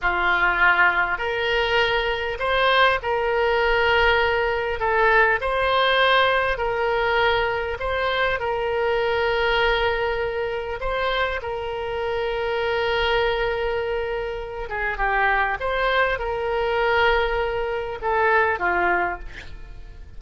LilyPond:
\new Staff \with { instrumentName = "oboe" } { \time 4/4 \tempo 4 = 100 f'2 ais'2 | c''4 ais'2. | a'4 c''2 ais'4~ | ais'4 c''4 ais'2~ |
ais'2 c''4 ais'4~ | ais'1~ | ais'8 gis'8 g'4 c''4 ais'4~ | ais'2 a'4 f'4 | }